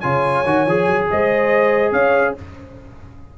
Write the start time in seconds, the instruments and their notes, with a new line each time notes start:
0.00 tuba C#3, trombone F4, horn C#5, trumpet G#5
0.45 tuba D#3, trombone F#4
0.66 tuba F3, trombone G#4
0.87 tuba F#3
1.11 tuba G#3, horn C5, trumpet D#5
1.92 tuba C#4, horn C#5, trumpet F5